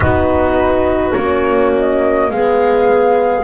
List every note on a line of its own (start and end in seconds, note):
0.00 1.12 B3
0.00 1.14 D#4
0.00 2.32 F#4
0.00 1.12 B4
1.12 2.30 A#3
1.12 2.31 C#4
1.12 1.70 C#5
1.77 2.30 D#5
2.30 3.43 G#3
2.30 3.43 B3
2.30 3.43 G#4
2.30 3.43 F5